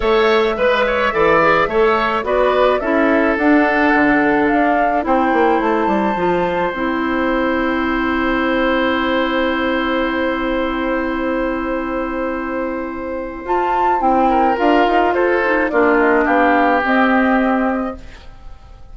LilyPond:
<<
  \new Staff \with { instrumentName = "flute" } { \time 4/4 \tempo 4 = 107 e''1 | d''4 e''4 fis''2 | f''4 g''4 a''2 | g''1~ |
g''1~ | g''1 | a''4 g''4 f''4 c''4 | d''8 dis''8 f''4 dis''2 | }
  \new Staff \with { instrumentName = "oboe" } { \time 4/4 cis''4 b'8 cis''8 d''4 cis''4 | b'4 a'2.~ | a'4 c''2.~ | c''1~ |
c''1~ | c''1~ | c''4. ais'4. a'4 | f'4 g'2. | }
  \new Staff \with { instrumentName = "clarinet" } { \time 4/4 a'4 b'4 a'8 gis'8 a'4 | fis'4 e'4 d'2~ | d'4 e'2 f'4 | e'1~ |
e'1~ | e'1 | f'4 e'4 f'4. dis'8 | d'2 c'2 | }
  \new Staff \with { instrumentName = "bassoon" } { \time 4/4 a4 gis4 e4 a4 | b4 cis'4 d'4 d4 | d'4 c'8 ais8 a8 g8 f4 | c'1~ |
c'1~ | c'1 | f'4 c'4 d'8 dis'8 f'4 | ais4 b4 c'2 | }
>>